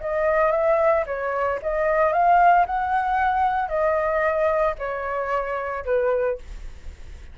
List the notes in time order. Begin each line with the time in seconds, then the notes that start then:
0.00 D#5
0.51 E5
1.06 C#5
1.62 D#5
2.13 F5
2.66 F#5
3.68 D#5
4.78 C#5
5.85 B4